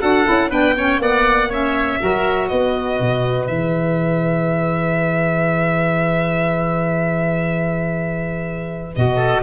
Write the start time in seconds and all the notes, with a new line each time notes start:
0.00 D4 F#4 A4 F#5
0.24 C#4 E4
0.49 B3 D4 B4 G5
0.76 C#4 C#5
0.98 A#3 B3 D5 F#5
1.49 C#4 C#5 E5
2.00 F#3 F#4 A#4
2.48 B3 B4 D#5
3.00 B2
3.47 E3 G#4 E5
8.95 B2 F#4 D#5
9.15 A4